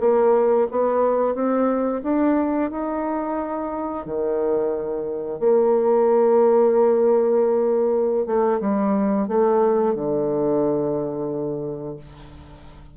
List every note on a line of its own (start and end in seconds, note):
0.00 0.67 A#3
0.71 1.35 B3
1.35 2.02 C4
2.03 2.70 D4
2.71 4.05 D#4
4.05 5.39 D#3
5.39 8.26 A#3
8.26 8.60 A3
8.60 9.28 G3
9.28 9.94 A3
9.94 11.97 D3